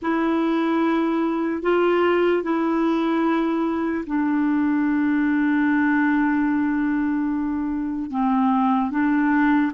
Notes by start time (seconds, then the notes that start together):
0.02 E4
1.62 F4
2.42 E4
4.06 D4
8.10 C4
8.90 D4